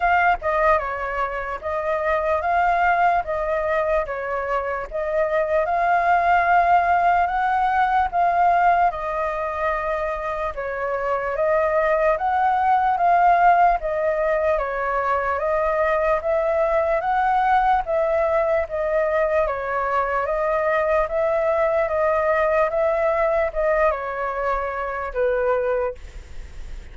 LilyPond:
\new Staff \with { instrumentName = "flute" } { \time 4/4 \tempo 4 = 74 f''8 dis''8 cis''4 dis''4 f''4 | dis''4 cis''4 dis''4 f''4~ | f''4 fis''4 f''4 dis''4~ | dis''4 cis''4 dis''4 fis''4 |
f''4 dis''4 cis''4 dis''4 | e''4 fis''4 e''4 dis''4 | cis''4 dis''4 e''4 dis''4 | e''4 dis''8 cis''4. b'4 | }